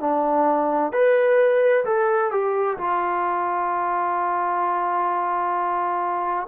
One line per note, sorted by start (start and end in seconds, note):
0.00 0.92 D4
0.92 1.85 B4
1.85 2.31 A4
2.31 2.77 G4
2.78 6.47 F4